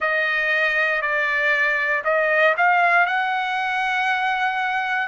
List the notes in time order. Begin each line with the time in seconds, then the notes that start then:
0.00 D#5
1.01 D5
2.04 D#5
2.57 F5
3.06 F#5